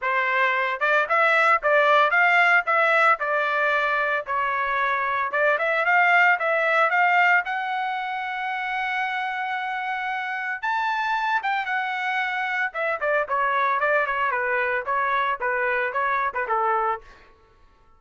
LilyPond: \new Staff \with { instrumentName = "trumpet" } { \time 4/4 \tempo 4 = 113 c''4. d''8 e''4 d''4 | f''4 e''4 d''2 | cis''2 d''8 e''8 f''4 | e''4 f''4 fis''2~ |
fis''1 | a''4. g''8 fis''2 | e''8 d''8 cis''4 d''8 cis''8 b'4 | cis''4 b'4 cis''8. b'16 a'4 | }